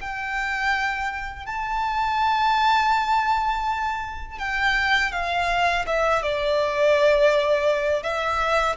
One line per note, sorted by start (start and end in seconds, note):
0.00 1.46 G5
1.46 4.38 A5
4.39 5.12 G5
5.12 5.85 F5
5.86 6.22 E5
6.22 8.03 D5
8.03 8.76 E5